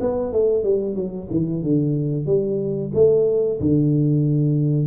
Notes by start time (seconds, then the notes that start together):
0.00 B3
0.32 A3
0.63 G3
0.95 F#3
1.30 E3
1.63 D3
2.26 G3
2.94 A3
3.60 D3